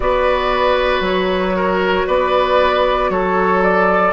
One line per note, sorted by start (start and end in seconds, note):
0.00 1.00 B3
0.00 4.12 F#4
0.00 1.56 B4
0.00 1.03 D5
1.00 2.03 F#3
1.00 2.07 C#5
1.56 2.06 A#4
2.06 3.09 B3
2.06 3.10 B4
2.06 3.10 D5
3.09 4.12 F#3
3.09 4.12 A4
3.09 3.62 C#5
3.62 4.12 D5